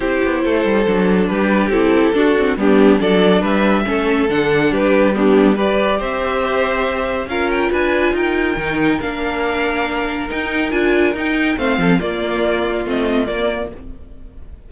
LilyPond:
<<
  \new Staff \with { instrumentName = "violin" } { \time 4/4 \tempo 4 = 140 c''2. b'4 | a'2 g'4 d''4 | e''2 fis''4 b'4 | g'4 d''4 e''2~ |
e''4 f''8 g''8 gis''4 g''4~ | g''4 f''2. | g''4 gis''4 g''4 f''4 | d''2 dis''4 d''4 | }
  \new Staff \with { instrumentName = "violin" } { \time 4/4 g'4 a'2 g'4~ | g'4 fis'4 d'4 a'4 | b'4 a'2 g'4 | d'4 b'4 c''2~ |
c''4 ais'4 b'4 ais'4~ | ais'1~ | ais'2. c''8 a'8 | f'1 | }
  \new Staff \with { instrumentName = "viola" } { \time 4/4 e'2 d'2 | e'4 d'8 c'8 b4 d'4~ | d'4 cis'4 d'2 | b4 g'2.~ |
g'4 f'2. | dis'4 d'2. | dis'4 f'4 dis'4 c'4 | ais2 c'4 ais4 | }
  \new Staff \with { instrumentName = "cello" } { \time 4/4 c'8 b8 a8 g8 fis4 g4 | c'4 d'4 g4 fis4 | g4 a4 d4 g4~ | g2 c'2~ |
c'4 cis'4 d'4 dis'4 | dis4 ais2. | dis'4 d'4 dis'4 a8 f8 | ais2 a4 ais4 | }
>>